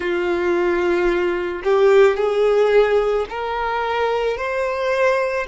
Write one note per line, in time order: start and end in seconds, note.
0.00 1.62 F4
1.63 2.16 G4
2.16 3.25 G#4
3.29 4.37 A#4
4.37 5.46 C5